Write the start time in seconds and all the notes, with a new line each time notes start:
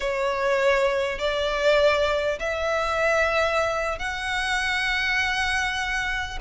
0.00 C#5
1.19 D5
2.39 E5
3.99 F#5